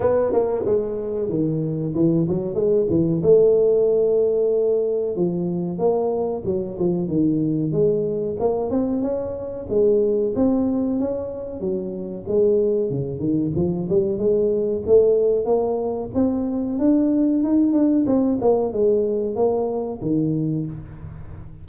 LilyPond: \new Staff \with { instrumentName = "tuba" } { \time 4/4 \tempo 4 = 93 b8 ais8 gis4 dis4 e8 fis8 | gis8 e8 a2. | f4 ais4 fis8 f8 dis4 | gis4 ais8 c'8 cis'4 gis4 |
c'4 cis'4 fis4 gis4 | cis8 dis8 f8 g8 gis4 a4 | ais4 c'4 d'4 dis'8 d'8 | c'8 ais8 gis4 ais4 dis4 | }